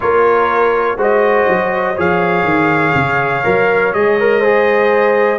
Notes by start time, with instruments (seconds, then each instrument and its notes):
0.00 tuba A#3, trombone F4, horn A#4, trumpet C#5
0.96 tuba G#3, trombone F#4, horn C5, trumpet D#5
1.48 tuba F#3
1.95 tuba F3, trombone G#4, horn C#5, trumpet F5
2.43 tuba D#3
2.94 tuba C#3
3.43 tuba F#3, trombone A#4
3.93 tuba G#3, trombone G#4, trumpet D#5
4.19 trombone A#4
4.40 trombone G#4, horn C5